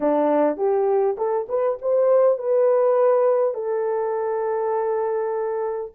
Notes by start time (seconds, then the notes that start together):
0.00 D4
0.56 G4
1.17 A4
1.49 B4
1.81 C5
2.38 B4
3.54 A4